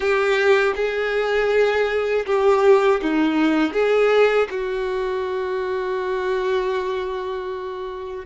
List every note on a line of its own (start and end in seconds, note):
0.00 0.73 G4
0.75 2.25 G#4
2.25 3.00 G4
3.02 3.73 D#4
3.73 4.48 G#4
4.50 8.25 F#4